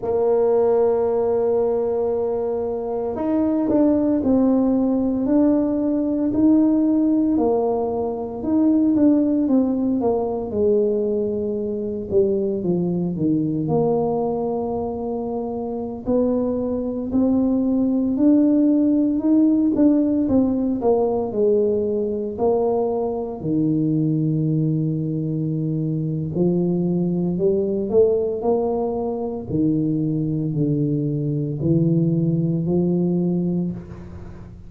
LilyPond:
\new Staff \with { instrumentName = "tuba" } { \time 4/4 \tempo 4 = 57 ais2. dis'8 d'8 | c'4 d'4 dis'4 ais4 | dis'8 d'8 c'8 ais8 gis4. g8 | f8 dis8 ais2~ ais16 b8.~ |
b16 c'4 d'4 dis'8 d'8 c'8 ais16~ | ais16 gis4 ais4 dis4.~ dis16~ | dis4 f4 g8 a8 ais4 | dis4 d4 e4 f4 | }